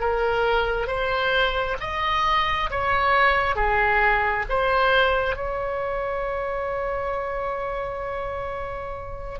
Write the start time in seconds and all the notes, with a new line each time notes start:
0.00 A#4
0.87 C5
1.81 D#5
2.70 C#5
3.55 G#4
4.49 C5
5.36 C#5